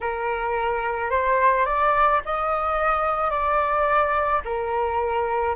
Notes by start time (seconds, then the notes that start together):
0.01 A#4
1.10 C5
1.65 D5
2.25 D#5
3.30 D5
4.44 A#4